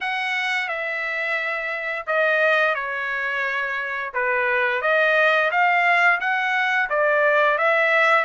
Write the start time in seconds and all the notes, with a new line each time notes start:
0.01 F#5
0.68 E5
2.06 D#5
2.74 C#5
4.13 B4
4.81 D#5
5.51 F5
6.20 F#5
6.89 D5
7.57 E5